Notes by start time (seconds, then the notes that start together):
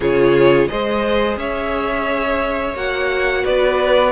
0.00 C#3 F4 G#4 C#5
0.68 G#3 G#4 C5 D#5
1.36 C#4 C#5 E5
2.74 A#3 F#4 F#5
3.43 B3 B4 D5